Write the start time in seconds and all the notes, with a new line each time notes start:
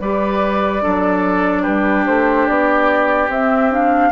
0.00 G3 G4 B4 D5
0.82 F#3 D4 A4
1.62 G3 G4 B4
2.06 A3 C5
2.47 B3 D5
3.28 C4 E5
3.71 D4 F5